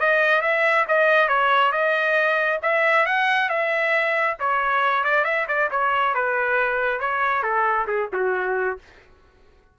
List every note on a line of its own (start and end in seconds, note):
0.00 0.42 D#5
0.42 0.86 E5
0.88 1.29 D#5
1.29 1.72 C#5
1.72 2.60 D#5
2.63 3.06 E5
3.06 3.50 F#5
3.50 4.37 E5
4.40 5.04 C#5
5.04 5.25 D5
5.25 5.47 E5
5.48 5.70 D5
5.71 6.15 C#5
6.15 7.00 B4
7.00 7.43 C#5
7.43 7.87 A4
7.88 8.09 G#4
8.13 8.79 F#4